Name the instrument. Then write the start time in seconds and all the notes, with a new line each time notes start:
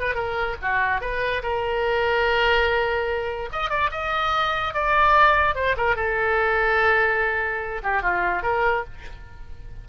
oboe
0.00 B4
0.15 A#4
0.62 F#4
1.01 B4
1.43 A#4
3.52 D#5
3.70 D5
3.91 D#5
4.74 D5
5.55 C5
5.77 A#4
5.96 A4
7.83 G4
8.02 F4
8.43 A#4